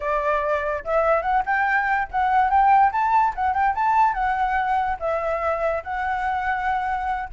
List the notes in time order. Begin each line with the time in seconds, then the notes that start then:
0.00 D5
0.84 E5
1.22 F#5
1.45 G5
2.11 F#5
2.49 G5
2.92 A5
3.35 F#5
3.53 G5
3.74 A5
4.13 F#5
4.99 E5
5.83 F#5